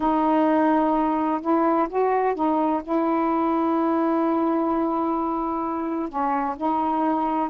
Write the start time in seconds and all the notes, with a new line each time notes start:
0.00 D#4
1.41 E4
1.89 F#4
2.34 D#4
2.83 E4
6.09 C#4
6.56 D#4